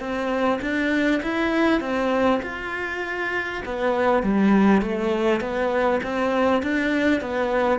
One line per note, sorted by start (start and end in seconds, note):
0.00 0.60 C4
0.62 1.22 D4
1.23 1.81 E4
1.81 2.41 C4
2.43 3.63 F4
3.65 4.23 B3
4.23 4.82 G3
4.82 5.41 A3
5.41 6.01 B3
6.03 6.63 C4
6.63 7.22 D4
7.22 7.79 B3